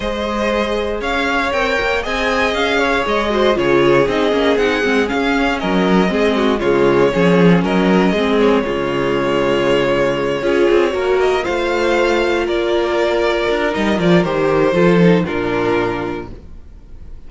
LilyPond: <<
  \new Staff \with { instrumentName = "violin" } { \time 4/4 \tempo 4 = 118 dis''2 f''4 g''4 | gis''4 f''4 dis''4 cis''4 | dis''4 fis''4 f''4 dis''4~ | dis''4 cis''2 dis''4~ |
dis''8 cis''2.~ cis''8~ | cis''2 dis''8 f''4.~ | f''8 d''2~ d''8 dis''8 d''8 | c''2 ais'2 | }
  \new Staff \with { instrumentName = "violin" } { \time 4/4 c''2 cis''2 | dis''4. cis''4 c''8 gis'4~ | gis'2. ais'4 | gis'8 fis'8 f'4 gis'4 ais'4 |
gis'4 f'2.~ | f'8 gis'4 ais'4 c''4.~ | c''8 ais'2.~ ais'8~ | ais'4 a'4 f'2 | }
  \new Staff \with { instrumentName = "viola" } { \time 4/4 gis'2. ais'4 | gis'2~ gis'8 fis'8 f'4 | dis'8 cis'8 dis'8 c'8 cis'2 | c'4 gis4 cis'2 |
c'4 gis2.~ | gis8 f'4 fis'4 f'4.~ | f'2. dis'8 f'8 | g'4 f'8 dis'8 d'2 | }
  \new Staff \with { instrumentName = "cello" } { \time 4/4 gis2 cis'4 c'8 ais8 | c'4 cis'4 gis4 cis4 | c'8 ais8 c'8 gis8 cis'4 fis4 | gis4 cis4 f4 fis4 |
gis4 cis2.~ | cis8 cis'8 c'8 ais4 a4.~ | a8 ais2 d'8 g8 f8 | dis4 f4 ais,2 | }
>>